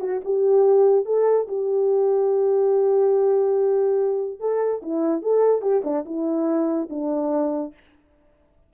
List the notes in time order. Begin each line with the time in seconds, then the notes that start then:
0.00 F#4
0.25 G4
1.05 A4
1.48 G4
4.40 A4
4.82 E4
5.22 A4
5.62 G4
5.84 D4
6.05 E4
6.90 D4